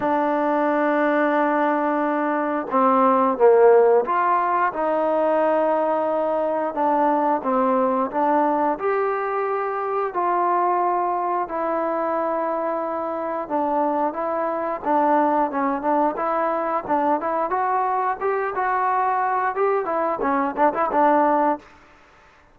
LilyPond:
\new Staff \with { instrumentName = "trombone" } { \time 4/4 \tempo 4 = 89 d'1 | c'4 ais4 f'4 dis'4~ | dis'2 d'4 c'4 | d'4 g'2 f'4~ |
f'4 e'2. | d'4 e'4 d'4 cis'8 d'8 | e'4 d'8 e'8 fis'4 g'8 fis'8~ | fis'4 g'8 e'8 cis'8 d'16 e'16 d'4 | }